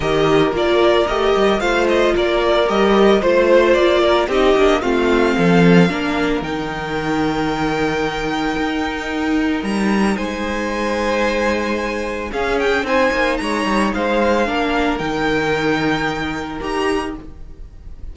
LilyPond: <<
  \new Staff \with { instrumentName = "violin" } { \time 4/4 \tempo 4 = 112 dis''4 d''4 dis''4 f''8 dis''8 | d''4 dis''4 c''4 d''4 | dis''4 f''2. | g''1~ |
g''2 ais''4 gis''4~ | gis''2. f''8 g''8 | gis''4 ais''4 f''2 | g''2. ais''4 | }
  \new Staff \with { instrumentName = "violin" } { \time 4/4 ais'2. c''4 | ais'2 c''4. ais'8 | g'4 f'4 a'4 ais'4~ | ais'1~ |
ais'2. c''4~ | c''2. gis'4 | c''4 cis''4 c''4 ais'4~ | ais'1 | }
  \new Staff \with { instrumentName = "viola" } { \time 4/4 g'4 f'4 g'4 f'4~ | f'4 g'4 f'2 | dis'8 d'8 c'2 d'4 | dis'1~ |
dis'1~ | dis'2. cis'4 | dis'2. d'4 | dis'2. g'4 | }
  \new Staff \with { instrumentName = "cello" } { \time 4/4 dis4 ais4 a8 g8 a4 | ais4 g4 a4 ais4 | c'8 ais8 a4 f4 ais4 | dis1 |
dis'2 g4 gis4~ | gis2. cis'4 | c'8 ais8 gis8 g8 gis4 ais4 | dis2. dis'4 | }
>>